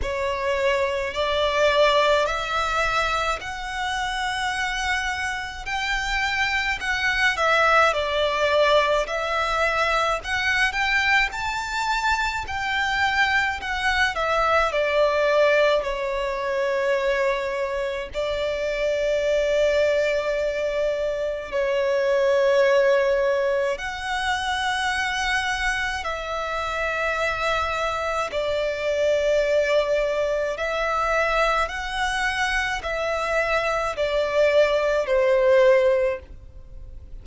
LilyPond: \new Staff \with { instrumentName = "violin" } { \time 4/4 \tempo 4 = 53 cis''4 d''4 e''4 fis''4~ | fis''4 g''4 fis''8 e''8 d''4 | e''4 fis''8 g''8 a''4 g''4 | fis''8 e''8 d''4 cis''2 |
d''2. cis''4~ | cis''4 fis''2 e''4~ | e''4 d''2 e''4 | fis''4 e''4 d''4 c''4 | }